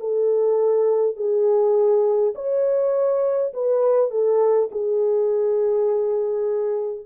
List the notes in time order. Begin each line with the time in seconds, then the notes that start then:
0.00 A4
1.17 G#4
2.35 C#5
3.53 B4
4.11 A4
4.71 G#4